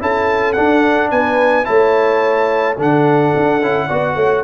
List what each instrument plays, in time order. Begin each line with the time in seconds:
0.00 tuba C#4, trombone E4, horn A4, trumpet A5
0.53 trombone D4, tuba D4, trumpet F#5
1.11 tuba B3, horn B4, trumpet G#5
1.65 tuba A3, trombone E4, horn C#5, trumpet A5
2.77 tuba D3, trombone D4, horn A4, trumpet F#5
3.37 tuba D4
3.62 tuba C#4, trombone E4
3.87 tuba B3, trombone F#4, horn D5
4.16 tuba A3, horn C#5